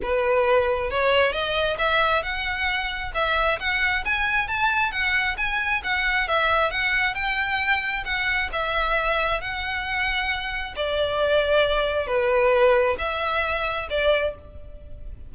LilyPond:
\new Staff \with { instrumentName = "violin" } { \time 4/4 \tempo 4 = 134 b'2 cis''4 dis''4 | e''4 fis''2 e''4 | fis''4 gis''4 a''4 fis''4 | gis''4 fis''4 e''4 fis''4 |
g''2 fis''4 e''4~ | e''4 fis''2. | d''2. b'4~ | b'4 e''2 d''4 | }